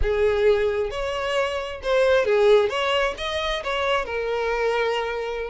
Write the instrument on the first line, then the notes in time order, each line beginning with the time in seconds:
violin
0.02 G#4
0.90 C#5
1.82 C5
2.25 G#4
2.69 C#5
3.17 D#5
3.63 C#5
4.05 A#4